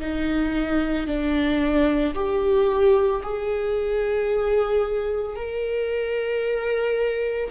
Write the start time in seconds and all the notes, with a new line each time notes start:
0.00 D#4
1.07 D4
2.14 G4
3.22 G#4
5.36 A#4